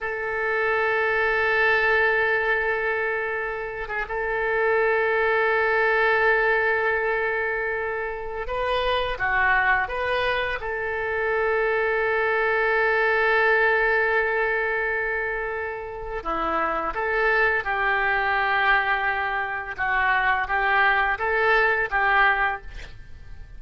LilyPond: \new Staff \with { instrumentName = "oboe" } { \time 4/4 \tempo 4 = 85 a'1~ | a'4. gis'16 a'2~ a'16~ | a'1 | b'4 fis'4 b'4 a'4~ |
a'1~ | a'2. e'4 | a'4 g'2. | fis'4 g'4 a'4 g'4 | }